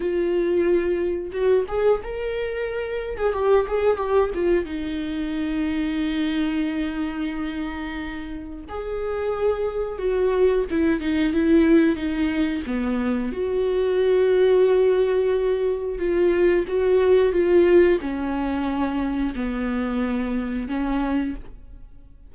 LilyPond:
\new Staff \with { instrumentName = "viola" } { \time 4/4 \tempo 4 = 90 f'2 fis'8 gis'8 ais'4~ | ais'8. gis'16 g'8 gis'8 g'8 f'8 dis'4~ | dis'1~ | dis'4 gis'2 fis'4 |
e'8 dis'8 e'4 dis'4 b4 | fis'1 | f'4 fis'4 f'4 cis'4~ | cis'4 b2 cis'4 | }